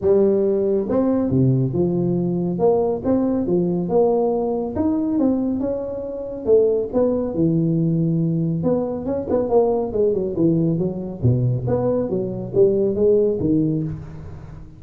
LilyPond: \new Staff \with { instrumentName = "tuba" } { \time 4/4 \tempo 4 = 139 g2 c'4 c4 | f2 ais4 c'4 | f4 ais2 dis'4 | c'4 cis'2 a4 |
b4 e2. | b4 cis'8 b8 ais4 gis8 fis8 | e4 fis4 b,4 b4 | fis4 g4 gis4 dis4 | }